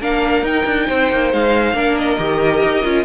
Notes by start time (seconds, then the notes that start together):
0.00 A#3 D4 A#4 F5
0.42 D#4 G5
0.66 D4
0.87 C4 C5
1.11 A#3
1.33 G#3 F5
1.73 A#3 D4 A#4
1.98 D#5
2.18 D#3 G4
2.63 D#4
2.84 C#4 F4